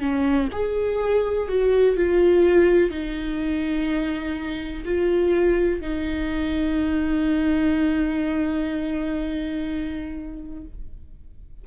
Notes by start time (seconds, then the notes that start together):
0.00 C#4
0.52 G#4
1.48 F#4
1.96 F4
2.90 D#4
4.85 F4
5.81 D#4